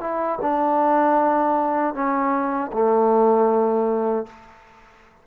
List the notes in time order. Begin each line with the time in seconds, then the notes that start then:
0.00 E4
0.41 D4
1.94 C#4
2.72 A3